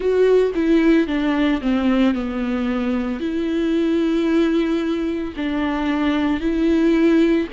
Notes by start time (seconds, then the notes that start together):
0.00 F#4
0.55 E4
1.07 D4
1.61 C4
2.14 B3
3.19 E4
5.36 D4
6.40 E4